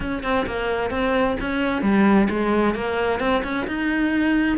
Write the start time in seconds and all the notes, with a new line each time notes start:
0.00 C#4
0.23 C4
0.46 A#3
0.90 C4
1.40 C#4
1.82 G3
2.29 G#3
2.74 A#3
3.19 C4
3.43 C#4
3.67 D#4